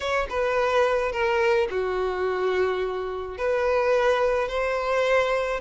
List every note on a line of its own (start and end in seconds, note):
0.00 0.27 C#5
0.29 1.11 B4
1.11 1.67 A#4
1.70 3.37 F#4
3.37 4.48 B4
4.48 5.60 C5